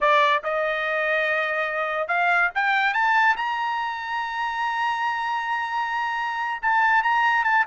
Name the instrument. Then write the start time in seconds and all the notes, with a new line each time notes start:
trumpet
0.01 D5
0.43 D#5
2.08 F5
2.54 G5
2.93 A5
3.36 A#5
6.61 A5
7.02 A#5
7.44 A5